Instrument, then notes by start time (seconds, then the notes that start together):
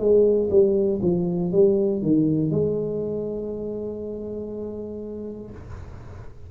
tuba
0.00 G#3
0.51 G3
1.03 F3
1.52 G3
2.03 D#3
2.51 G#3